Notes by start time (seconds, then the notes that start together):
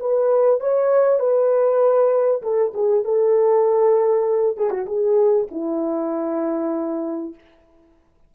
0.00 B4
0.60 C#5
1.19 B4
2.42 A4
2.74 G#4
3.04 A4
4.57 G#4
4.71 F#4
4.86 G#4
5.51 E4